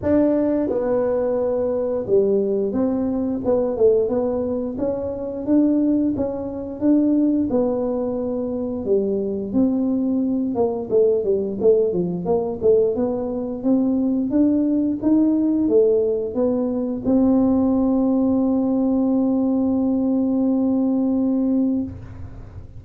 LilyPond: \new Staff \with { instrumentName = "tuba" } { \time 4/4 \tempo 4 = 88 d'4 b2 g4 | c'4 b8 a8 b4 cis'4 | d'4 cis'4 d'4 b4~ | b4 g4 c'4. ais8 |
a8 g8 a8 f8 ais8 a8 b4 | c'4 d'4 dis'4 a4 | b4 c'2.~ | c'1 | }